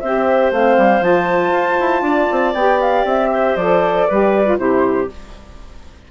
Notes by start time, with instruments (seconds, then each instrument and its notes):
0.00 bassoon C4, saxophone G4, clarinet C5, flute E5
0.51 bassoon A3, saxophone C4, flute F5
0.78 bassoon G3
1.01 bassoon F3, saxophone F4, flute A5
1.52 bassoon F4
1.80 bassoon E4
2.02 bassoon D4, clarinet D5
2.31 bassoon C4
2.54 bassoon B3, saxophone G4, flute G5
2.81 flute F5
3.04 bassoon C4, flute E5
3.31 clarinet C5
3.56 bassoon F3, saxophone A4, flute D5
4.07 bassoon G3, saxophone G4, clarinet B4
4.45 saxophone F4
4.58 bassoon C3, saxophone E4, clarinet G4, flute C5